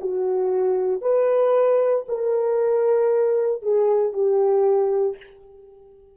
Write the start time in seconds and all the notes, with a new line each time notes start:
0.00 F#4
1.01 B4
2.08 A#4
3.62 G#4
4.13 G4